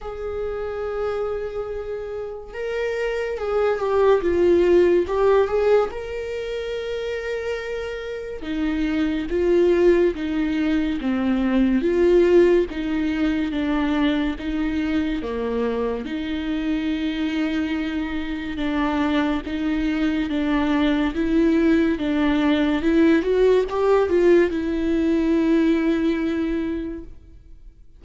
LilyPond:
\new Staff \with { instrumentName = "viola" } { \time 4/4 \tempo 4 = 71 gis'2. ais'4 | gis'8 g'8 f'4 g'8 gis'8 ais'4~ | ais'2 dis'4 f'4 | dis'4 c'4 f'4 dis'4 |
d'4 dis'4 ais4 dis'4~ | dis'2 d'4 dis'4 | d'4 e'4 d'4 e'8 fis'8 | g'8 f'8 e'2. | }